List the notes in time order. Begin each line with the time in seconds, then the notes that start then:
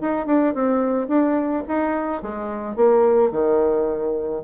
0.00 D#4
0.26 D4
0.54 C4
1.08 D4
1.67 D#4
2.22 G#3
2.76 A#3
3.31 D#3